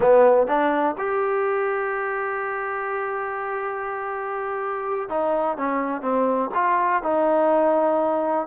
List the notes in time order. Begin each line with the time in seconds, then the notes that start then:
0.00 B3
0.47 D4
0.98 G4
5.09 D#4
5.57 C#4
6.01 C4
6.54 F4
7.02 D#4